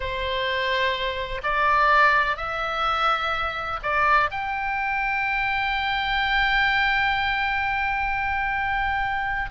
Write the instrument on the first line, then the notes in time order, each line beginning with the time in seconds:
oboe
0.00 C5
1.43 D5
2.36 E5
3.82 D5
4.30 G5